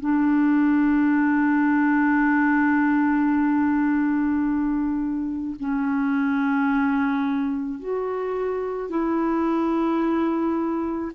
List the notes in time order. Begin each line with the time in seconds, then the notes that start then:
0.00 D4
5.60 C#4
7.79 F#4
8.89 E4